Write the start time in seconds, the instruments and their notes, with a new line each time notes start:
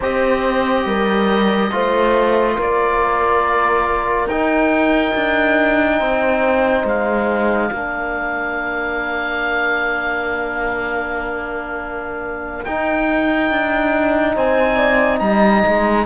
0.00 cello C4, trombone G4, horn C5, oboe D#5
0.85 cello G3, horn A#4
1.71 cello A3, trombone F4, horn C5
2.55 cello A#3, horn A#4, oboe D5
4.26 cello D#4, trombone D#4, oboe G5
5.15 cello D4
5.98 cello C4, horn C5
6.84 cello G#3, oboe F5
7.69 cello A#3, trombone D4, horn A#4
12.64 cello D#4, trombone D#4, oboe G5
13.50 cello D4
14.34 cello C4, horn C5, oboe G#5
14.75 horn D5
15.19 cello G3, horn D#5, oboe A#5
15.67 cello G#3